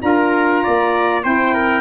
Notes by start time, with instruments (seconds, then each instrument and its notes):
0.00 tuba D4, saxophone F4, trumpet A#4 A#5
0.63 tuba A#3, trumpet D5
1.22 tuba C4, saxophone E4, trumpet C5 G5
1.54 trumpet A#4